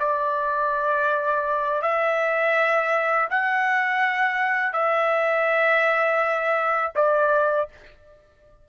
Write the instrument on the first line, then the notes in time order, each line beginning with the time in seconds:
trumpet
0.00 D5
1.82 E5
3.30 F#5
4.73 E5
6.95 D5